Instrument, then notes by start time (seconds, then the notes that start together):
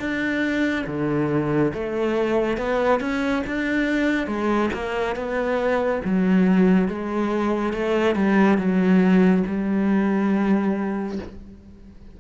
cello
0.00 D4
0.87 D3
1.74 A3
2.58 B3
3.00 C#4
3.47 D4
4.27 G#3
4.74 A#3
5.16 B3
6.05 F#3
6.88 G#3
7.73 A3
8.16 G3
8.58 F#3
9.48 G3